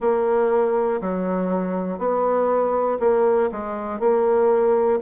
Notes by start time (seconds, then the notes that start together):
0.00 A#3
1.01 F#3
1.98 B3
2.99 A#3
3.51 G#3
3.99 A#3